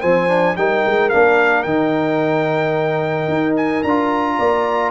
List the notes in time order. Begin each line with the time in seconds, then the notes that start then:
0.00 F3 C4 C5 G#5
0.27 D4
0.56 G3 D#4 A#4 G5
0.85 G#3
1.09 A#3 D4 F5
1.62 D#3 D#4 G5
3.28 D#4
3.56 G#5
3.83 D4 F4 A#5
4.37 A#3 D5